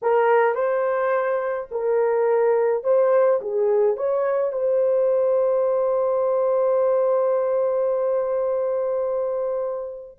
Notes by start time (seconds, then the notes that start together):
0.02 A#4
0.55 C5
1.71 A#4
2.83 C5
3.41 G#4
3.96 C#5
4.52 C5